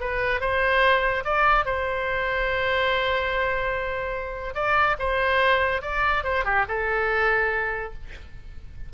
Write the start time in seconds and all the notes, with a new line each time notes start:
0.00 B4
0.40 C5
1.24 D5
1.65 C5
4.54 D5
4.99 C5
5.82 D5
6.24 C5
6.45 G4
6.68 A4